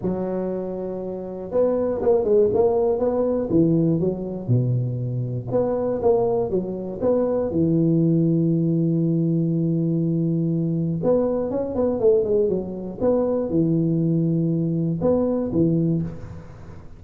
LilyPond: \new Staff \with { instrumentName = "tuba" } { \time 4/4 \tempo 4 = 120 fis2. b4 | ais8 gis8 ais4 b4 e4 | fis4 b,2 b4 | ais4 fis4 b4 e4~ |
e1~ | e2 b4 cis'8 b8 | a8 gis8 fis4 b4 e4~ | e2 b4 e4 | }